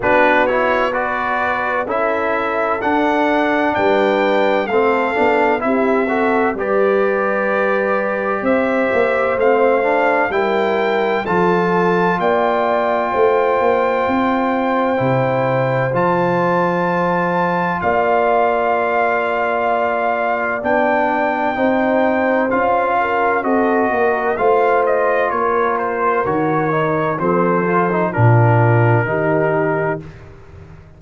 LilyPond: <<
  \new Staff \with { instrumentName = "trumpet" } { \time 4/4 \tempo 4 = 64 b'8 cis''8 d''4 e''4 fis''4 | g''4 f''4 e''4 d''4~ | d''4 e''4 f''4 g''4 | a''4 g''2.~ |
g''4 a''2 f''4~ | f''2 g''2 | f''4 dis''4 f''8 dis''8 cis''8 c''8 | cis''4 c''4 ais'2 | }
  \new Staff \with { instrumentName = "horn" } { \time 4/4 fis'4 b'4 a'2 | b'4 a'4 g'8 a'8 b'4~ | b'4 c''2 ais'4 | a'4 d''4 c''2~ |
c''2. d''4~ | d''2. c''4~ | c''8 ais'8 a'8 ais'8 c''4 ais'4~ | ais'4 a'4 f'4 g'4 | }
  \new Staff \with { instrumentName = "trombone" } { \time 4/4 d'8 e'8 fis'4 e'4 d'4~ | d'4 c'8 d'8 e'8 fis'8 g'4~ | g'2 c'8 d'8 e'4 | f'1 |
e'4 f'2.~ | f'2 d'4 dis'4 | f'4 fis'4 f'2 | fis'8 dis'8 c'8 f'16 dis'16 d'4 dis'4 | }
  \new Staff \with { instrumentName = "tuba" } { \time 4/4 b2 cis'4 d'4 | g4 a8 b8 c'4 g4~ | g4 c'8 ais8 a4 g4 | f4 ais4 a8 ais8 c'4 |
c4 f2 ais4~ | ais2 b4 c'4 | cis'4 c'8 ais8 a4 ais4 | dis4 f4 ais,4 dis4 | }
>>